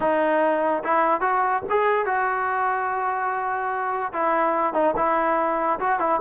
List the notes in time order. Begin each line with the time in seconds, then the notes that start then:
0.00 D#4
0.84 E4
1.21 F#4
1.69 G#4
2.05 F#4
4.13 E4
4.73 D#4
4.96 E4
5.79 F#4
5.99 E4